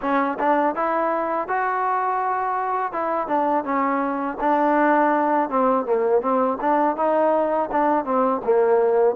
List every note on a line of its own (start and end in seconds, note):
0.01 0.38 C#4
0.39 0.75 D4
0.75 1.47 E4
1.47 2.92 F#4
2.92 3.27 E4
3.27 3.64 D4
3.64 4.37 C#4
4.40 5.49 D4
5.49 5.85 C4
5.85 6.21 A#3
6.21 6.58 C4
6.61 6.96 D4
6.96 7.69 D#4
7.71 8.05 D4
8.05 8.41 C4
8.44 9.15 A#3